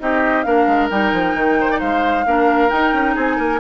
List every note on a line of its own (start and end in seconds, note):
0.00 0.45 C4
0.00 0.45 D#4
0.00 0.46 G4
0.00 0.43 D#5
0.43 0.67 A#3
0.43 0.90 D4
0.43 1.58 A#4
0.43 0.88 F5
0.67 0.89 G#3
0.90 1.13 G3
0.90 2.26 D#4
0.90 1.80 G5
1.13 1.35 F3
1.35 1.80 D#3
1.61 1.71 C5
1.71 1.80 D5
1.80 2.26 G#3
1.80 2.25 C5
1.80 2.70 F5
2.26 2.71 A#3
2.26 2.69 D4
2.26 3.15 A#4
2.69 3.60 D#4
2.69 2.93 D#4
2.69 3.15 G5
2.93 3.15 C#4
3.15 3.38 C4
3.15 3.37 G#4
3.15 3.60 G#5
3.37 3.60 A#3
3.37 3.59 A#4